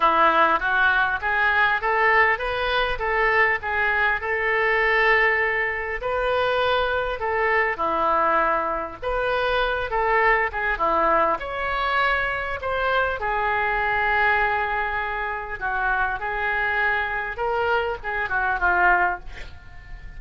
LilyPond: \new Staff \with { instrumentName = "oboe" } { \time 4/4 \tempo 4 = 100 e'4 fis'4 gis'4 a'4 | b'4 a'4 gis'4 a'4~ | a'2 b'2 | a'4 e'2 b'4~ |
b'8 a'4 gis'8 e'4 cis''4~ | cis''4 c''4 gis'2~ | gis'2 fis'4 gis'4~ | gis'4 ais'4 gis'8 fis'8 f'4 | }